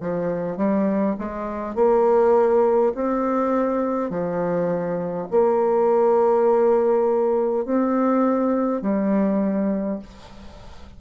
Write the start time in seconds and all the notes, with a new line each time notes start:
0.00 F3
0.57 G3
1.19 G#3
1.75 A#3
2.95 C4
4.10 F3
5.31 A#3
7.65 C4
8.81 G3